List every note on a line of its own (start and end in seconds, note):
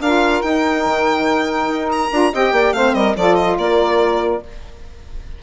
0.00 0.42 D4
0.00 0.44 F4
0.00 2.33 A#4
0.00 0.42 F5
0.42 0.85 D#4
0.42 2.12 D#4
0.42 1.89 G5
0.85 1.68 D#3
1.68 2.10 D#4
1.92 2.34 A#5
2.12 2.34 D4
2.12 2.33 F4
2.33 2.52 C4
2.33 2.75 G4
2.33 2.54 D#5
2.33 2.74 G5
2.52 2.73 A#3
2.52 2.75 D5
2.73 2.94 A3
2.73 3.17 C4
2.73 2.96 C5
2.73 2.94 F5
2.94 3.16 G3
2.94 3.16 A#4
2.94 3.15 D#5
3.16 3.58 F3
3.16 4.43 F4
3.16 3.58 A4
3.16 3.36 D5
3.36 3.57 D#5
3.58 4.42 A#3
3.58 4.43 A#4
3.58 4.42 D5